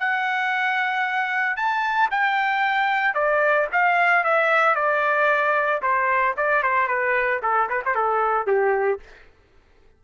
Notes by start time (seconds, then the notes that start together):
0.00 F#5
1.57 A5
2.11 G5
3.15 D5
3.73 F5
4.25 E5
4.76 D5
5.83 C5
6.37 D5
6.63 C5
6.88 B4
7.43 A4
7.69 B4
7.86 C5
7.95 A4
8.47 G4